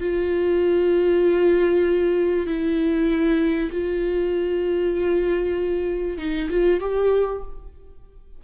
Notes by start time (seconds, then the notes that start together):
0.00 F4
2.46 E4
3.71 F4
6.18 D#4
6.50 F4
6.80 G4